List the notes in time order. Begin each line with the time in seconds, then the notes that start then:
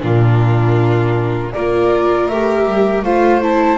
0.00 A#2 D4 F4 A#4
1.53 A#3 F4 A#4 D5
2.28 A3 G4 E5
2.65 G3
3.03 A3 F4 C5 F5
3.42 E4 A5